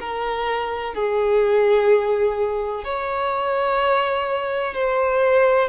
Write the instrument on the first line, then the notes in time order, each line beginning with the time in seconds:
violin
0.00 A#4
0.94 G#4
2.84 C#5
4.74 C5